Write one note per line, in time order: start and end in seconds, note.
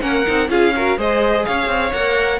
0.00 0.25 A#3
0.00 0.24 C#4
0.00 0.50 A#4
0.00 0.49 F#5
0.26 0.49 C4
0.26 0.48 D#4
0.48 0.97 C#4
0.48 0.72 F4
0.48 0.74 G#4
0.48 0.98 F5
0.75 0.97 F#4
0.75 0.98 A#4
0.97 1.45 G#3
0.97 1.92 G#4
0.97 1.45 C5
0.97 1.45 D#5
1.45 1.67 C#4
1.45 2.40 C#5
1.45 1.92 F5
1.67 1.91 C4
1.92 2.40 A#3
1.92 2.40 A#4
1.92 2.40 F#5